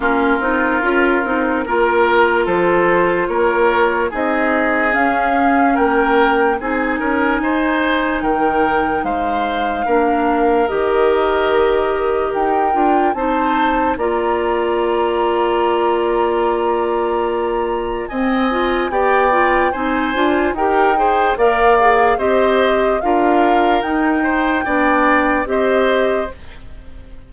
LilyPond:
<<
  \new Staff \with { instrumentName = "flute" } { \time 4/4 \tempo 4 = 73 ais'2. c''4 | cis''4 dis''4 f''4 g''4 | gis''2 g''4 f''4~ | f''4 dis''2 g''4 |
a''4 ais''2.~ | ais''2 gis''4 g''4 | gis''4 g''4 f''4 dis''4 | f''4 g''2 dis''4 | }
  \new Staff \with { instrumentName = "oboe" } { \time 4/4 f'2 ais'4 a'4 | ais'4 gis'2 ais'4 | gis'8 ais'8 c''4 ais'4 c''4 | ais'1 |
c''4 d''2.~ | d''2 dis''4 d''4 | c''4 ais'8 c''8 d''4 c''4 | ais'4. c''8 d''4 c''4 | }
  \new Staff \with { instrumentName = "clarinet" } { \time 4/4 cis'8 dis'8 f'8 dis'8 f'2~ | f'4 dis'4 cis'2 | dis'1 | d'4 g'2~ g'8 f'8 |
dis'4 f'2.~ | f'2 c'8 f'8 g'8 f'8 | dis'8 f'8 g'8 gis'8 ais'8 gis'8 g'4 | f'4 dis'4 d'4 g'4 | }
  \new Staff \with { instrumentName = "bassoon" } { \time 4/4 ais8 c'8 cis'8 c'8 ais4 f4 | ais4 c'4 cis'4 ais4 | c'8 cis'8 dis'4 dis4 gis4 | ais4 dis2 dis'8 d'8 |
c'4 ais2.~ | ais2 c'4 b4 | c'8 d'8 dis'4 ais4 c'4 | d'4 dis'4 b4 c'4 | }
>>